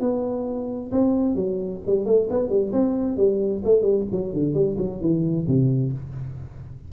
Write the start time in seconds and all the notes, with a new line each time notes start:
0.00 B3
0.92 C4
1.36 F#3
1.87 G3
2.06 A3
2.30 B3
2.49 G3
2.73 C4
3.17 G3
3.65 A3
3.82 G3
4.12 F#3
4.33 D3
4.54 G3
4.78 F#3
5.01 E3
5.47 C3